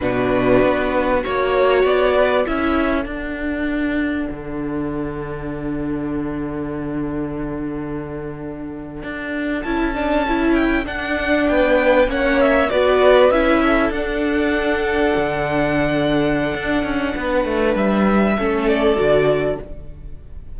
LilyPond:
<<
  \new Staff \with { instrumentName = "violin" } { \time 4/4 \tempo 4 = 98 b'2 cis''4 d''4 | e''4 fis''2.~ | fis''1~ | fis''2.~ fis''8. a''16~ |
a''4~ a''16 g''8 fis''4 g''4 fis''16~ | fis''16 e''8 d''4 e''4 fis''4~ fis''16~ | fis''1~ | fis''4 e''4. d''4. | }
  \new Staff \with { instrumentName = "violin" } { \time 4/4 fis'2 cis''4. b'8 | a'1~ | a'1~ | a'1~ |
a'2~ a'8. b'4 cis''16~ | cis''8. b'4. a'4.~ a'16~ | a'1 | b'2 a'2 | }
  \new Staff \with { instrumentName = "viola" } { \time 4/4 d'2 fis'2 | e'4 d'2.~ | d'1~ | d'2.~ d'8. e'16~ |
e'16 d'8 e'4 d'2 cis'16~ | cis'8. fis'4 e'4 d'4~ d'16~ | d'1~ | d'2 cis'4 fis'4 | }
  \new Staff \with { instrumentName = "cello" } { \time 4/4 b,4 b4 ais4 b4 | cis'4 d'2 d4~ | d1~ | d2~ d8. d'4 cis'16~ |
cis'4.~ cis'16 d'4 b4 ais16~ | ais8. b4 cis'4 d'4~ d'16~ | d'8. d2~ d16 d'8 cis'8 | b8 a8 g4 a4 d4 | }
>>